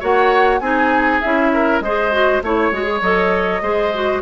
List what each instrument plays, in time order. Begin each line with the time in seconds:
0.00 bassoon A#3, clarinet F#4, oboe C#5, flute F#5
0.59 bassoon C4, clarinet D#4, oboe G#4, flute G#5
1.21 bassoon C#4, clarinet E4, flute E5
1.53 oboe A#4
1.81 bassoon G#3, clarinet G#4, oboe C5, flute D#5
2.12 clarinet F#4
2.43 bassoon A3, clarinet E4, oboe C#5, flute C#5
2.71 bassoon G#3, clarinet F#4
2.84 clarinet G#4
3.02 bassoon F#3, clarinet A4, flute D#5
3.62 bassoon G#3, clarinet G#4, oboe C5
3.94 clarinet F#4